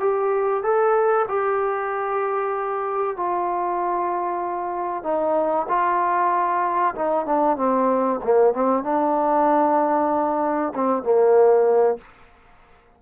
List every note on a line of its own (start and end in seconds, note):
0.00 0.63 G4
0.63 1.26 A4
1.28 3.17 G4
3.17 5.04 F4
5.04 5.67 D#4
5.69 6.95 F4
6.95 7.26 D#4
7.26 7.57 D4
7.57 8.20 C4
8.24 8.53 A#3
8.53 8.84 C4
8.84 10.73 D4
10.75 11.03 C4
11.03 11.98 A#3